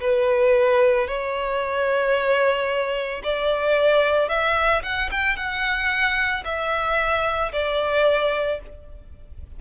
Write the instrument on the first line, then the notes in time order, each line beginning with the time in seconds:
violin
0.00 B4
1.07 C#5
3.23 D5
4.29 E5
4.82 F#5
5.11 G5
5.36 F#5
6.44 E5
7.52 D5